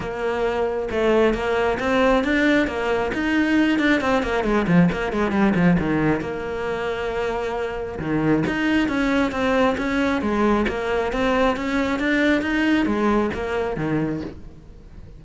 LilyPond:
\new Staff \with { instrumentName = "cello" } { \time 4/4 \tempo 4 = 135 ais2 a4 ais4 | c'4 d'4 ais4 dis'4~ | dis'8 d'8 c'8 ais8 gis8 f8 ais8 gis8 | g8 f8 dis4 ais2~ |
ais2 dis4 dis'4 | cis'4 c'4 cis'4 gis4 | ais4 c'4 cis'4 d'4 | dis'4 gis4 ais4 dis4 | }